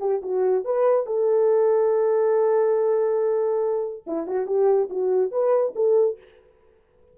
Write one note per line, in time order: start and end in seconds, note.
0.00 0.21 G4
0.22 0.64 F#4
0.64 1.06 B4
1.06 4.04 A4
4.06 4.27 E4
4.27 4.46 F#4
4.46 4.89 G4
4.90 5.31 F#4
5.31 5.74 B4
5.75 6.18 A4